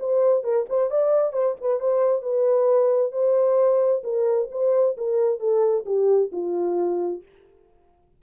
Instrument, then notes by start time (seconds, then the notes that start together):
horn
0.00 C5
0.43 A#4
0.70 C5
0.91 D5
1.33 C5
1.61 B4
1.80 C5
2.22 B4
3.12 C5
4.04 A#4
4.51 C5
4.97 A#4
5.40 A4
5.86 G4
6.32 F4